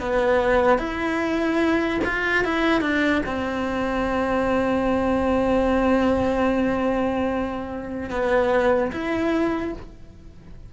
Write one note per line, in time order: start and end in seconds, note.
0.00 0.78 B3
0.78 2.00 E4
2.04 2.44 F4
2.44 2.81 E4
2.81 3.22 D4
3.26 8.10 C4
8.10 8.91 B3
8.92 9.73 E4